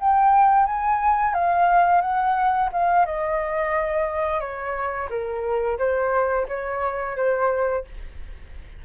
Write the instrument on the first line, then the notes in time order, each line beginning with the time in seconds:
flute
0.00 G5
0.66 G#5
1.34 F5
2.01 F#5
2.72 F5
3.06 D#5
4.41 C#5
5.10 A#4
5.79 C5
6.48 C#5
7.17 C5